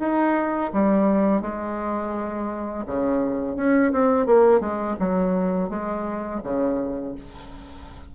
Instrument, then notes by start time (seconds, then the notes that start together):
bassoon
0.00 D#4
0.74 G3
1.42 G#3
2.87 C#3
3.56 C#4
3.93 C4
4.27 A#3
4.61 G#3
5.00 F#3
5.70 G#3
6.44 C#3